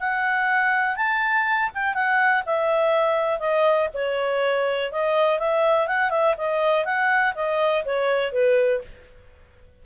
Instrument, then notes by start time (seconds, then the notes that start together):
clarinet
0.00 F#5
0.97 A5
1.74 G5
1.95 F#5
2.46 E5
3.40 D#5
3.94 C#5
4.92 D#5
5.39 E5
5.88 F#5
6.11 E5
6.38 D#5
6.85 F#5
7.35 D#5
7.85 C#5
8.32 B4